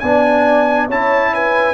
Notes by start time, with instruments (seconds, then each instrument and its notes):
0.00 tuba B3, trombone D4, horn D5, trumpet G#5
0.87 tuba C#4, trombone E4, horn C#5, trumpet A5
1.34 horn B4, trumpet G#5